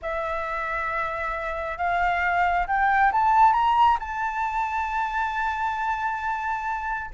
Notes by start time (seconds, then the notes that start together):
0.02 E5
1.77 F5
2.67 G5
3.12 A5
3.53 A#5
3.99 A5